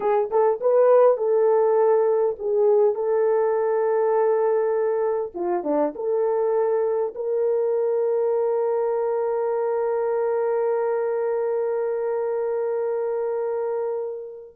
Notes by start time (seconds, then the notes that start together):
0.00 G#4
0.30 A4
0.60 B4
1.17 A4
2.38 G#4
2.95 A4
5.34 F4
5.63 D4
5.95 A4
7.14 A#4